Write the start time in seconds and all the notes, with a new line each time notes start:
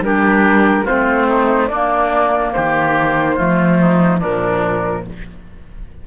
0.00 G3 D4 G4 A#4
0.85 A3 C4 F4 C5
1.30 D#4
1.68 A#3 D4 D5
2.53 D#3 G4 C5
3.36 F3 A3 F4
3.81 D#4
4.20 A#2 F3 D4 A#4